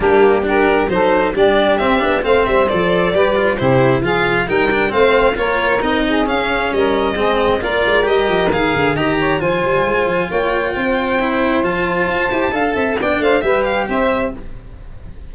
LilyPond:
<<
  \new Staff \with { instrumentName = "violin" } { \time 4/4 \tempo 4 = 134 g'4 ais'4 c''4 d''4 | e''4 f''8 e''8 d''2 | c''4 f''4 g''4 f''4 | cis''4 dis''4 f''4 dis''4~ |
dis''4 d''4 dis''4 f''4 | ais''4 gis''2 g''4~ | g''2 a''2~ | a''4 g''8 f''8 e''8 f''8 e''4 | }
  \new Staff \with { instrumentName = "saxophone" } { \time 4/4 d'4 g'4 a'4 g'4~ | g'4 c''2 b'4 | g'4 gis'4 ais'4 c''4 | ais'4. gis'4. ais'4 |
gis'4 ais'2. | dis''8 cis''8 c''2 cis''4 | c''1 | f''8 e''8 d''8 c''8 b'4 c''4 | }
  \new Staff \with { instrumentName = "cello" } { \time 4/4 ais4 d'4 dis'4 d'4 | c'8 d'8 c'4 a'4 g'8 f'8 | e'4 f'4 dis'8 d'8 c'4 | f'4 dis'4 cis'2 |
c'4 f'4 g'4 gis'4 | g'4 f'2.~ | f'4 e'4 f'4. g'8 | a'4 d'4 g'2 | }
  \new Staff \with { instrumentName = "tuba" } { \time 4/4 g2 fis4 g4 | c'8 b8 a8 g8 f4 g4 | c4 f4 g4 a4 | ais4 c'4 cis'4 g4 |
gis4 ais8 gis8 g8 f8 dis8 d8 | dis4 f8 g8 gis8 f8 ais4 | c'2 f4 f'8 e'8 | d'8 c'8 b8 a8 g4 c'4 | }
>>